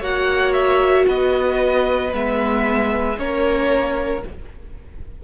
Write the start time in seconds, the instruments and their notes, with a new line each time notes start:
0.00 cello A#3, viola F#4, violin C#5 F#5
0.53 violin E5
1.08 cello B3, violin B4 D#5
2.11 cello G#3, viola B3, violin E5
3.18 cello A#3, viola C#4, violin A#4 C#5